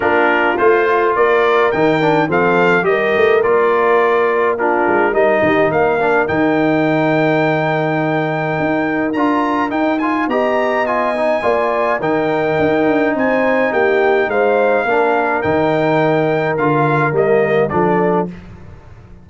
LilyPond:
<<
  \new Staff \with { instrumentName = "trumpet" } { \time 4/4 \tempo 4 = 105 ais'4 c''4 d''4 g''4 | f''4 dis''4 d''2 | ais'4 dis''4 f''4 g''4~ | g''1 |
ais''4 g''8 gis''8 ais''4 gis''4~ | gis''4 g''2 gis''4 | g''4 f''2 g''4~ | g''4 f''4 dis''4 d''4 | }
  \new Staff \with { instrumentName = "horn" } { \time 4/4 f'2 ais'2 | a'4 ais'2. | f'4 ais'8 g'8 ais'2~ | ais'1~ |
ais'2 dis''2 | d''4 ais'2 c''4 | g'4 c''4 ais'2~ | ais'2. a'4 | }
  \new Staff \with { instrumentName = "trombone" } { \time 4/4 d'4 f'2 dis'8 d'8 | c'4 g'4 f'2 | d'4 dis'4. d'8 dis'4~ | dis'1 |
f'4 dis'8 f'8 g'4 f'8 dis'8 | f'4 dis'2.~ | dis'2 d'4 dis'4~ | dis'4 f'4 ais4 d'4 | }
  \new Staff \with { instrumentName = "tuba" } { \time 4/4 ais4 a4 ais4 dis4 | f4 g8 a8 ais2~ | ais8 gis8 g8 dis8 ais4 dis4~ | dis2. dis'4 |
d'4 dis'4 b2 | ais4 dis4 dis'8 d'8 c'4 | ais4 gis4 ais4 dis4~ | dis4 d4 g4 f4 | }
>>